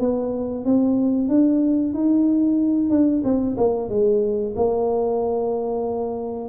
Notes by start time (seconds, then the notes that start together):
0.00 B3
0.65 C4
1.28 D4
1.94 D#4
2.90 D4
3.24 C4
3.58 A#3
3.90 G#3
4.56 A#3